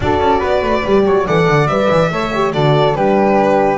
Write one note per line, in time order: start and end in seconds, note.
0.00 0.19 D4
0.00 0.86 F#4
0.00 0.39 A4
0.00 1.27 D5
0.19 0.40 C#4
0.39 0.62 B3
0.39 1.02 B4
0.62 0.83 A3
0.85 1.05 G3
0.85 1.26 G4
1.05 1.26 F#3
1.05 1.26 C#5
1.26 1.47 E3
1.26 1.68 A4
1.26 2.11 D5
1.26 1.67 F#5
1.47 1.67 D3
1.67 1.88 G3
1.67 2.11 B4
1.67 2.51 E5
1.89 2.10 E3
2.10 2.53 A3
2.10 2.32 A4
2.10 2.54 C#5
2.34 2.53 G4
2.53 2.94 D3
2.53 2.94 F#4
2.53 2.96 A4
2.53 2.95 D5
2.94 3.78 G3
2.94 3.78 D4
2.94 3.78 G4
2.94 3.78 B4